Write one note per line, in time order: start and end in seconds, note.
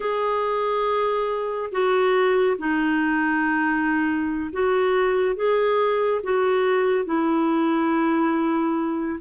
0.00 1.70 G#4
1.71 2.57 F#4
2.58 4.50 D#4
4.52 5.35 F#4
5.35 6.21 G#4
6.23 7.05 F#4
7.05 9.19 E4